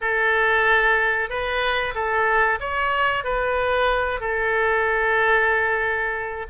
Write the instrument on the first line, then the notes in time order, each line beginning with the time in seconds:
oboe
0.01 A4
1.29 B4
1.94 A4
2.60 C#5
3.24 B4
4.20 A4